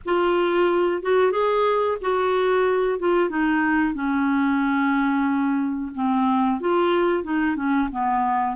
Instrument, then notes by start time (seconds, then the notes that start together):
clarinet
0.05 F4
1.02 F#4
1.31 G#4
2.01 F#4
2.99 F4
3.29 D#4
3.94 C#4
5.94 C4
6.60 F4
7.23 D#4
7.56 C#4
7.91 B3